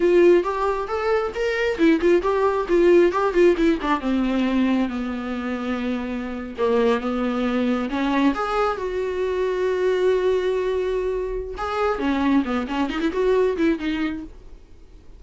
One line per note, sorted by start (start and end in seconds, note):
0.00 0.43 F4
0.43 0.87 G4
0.87 1.32 A4
1.34 1.77 A#4
1.77 2.00 E4
2.00 2.21 F4
2.21 2.66 G4
2.68 3.12 F4
3.12 3.33 G4
3.33 3.55 F4
3.57 3.79 E4
3.81 4.00 D4
4.00 4.88 C4
4.88 6.55 B3
6.58 7.00 A#3
7.00 7.89 B3
7.89 8.34 C#4
8.34 8.77 G#4
8.77 11.55 F#4
11.57 11.98 G#4
11.98 12.43 C#4
12.44 12.67 B3
12.67 12.89 C#4
12.89 13.00 D#4
13.00 13.11 E4
13.12 13.56 F#4
13.57 13.79 E4
13.79 14.23 D#4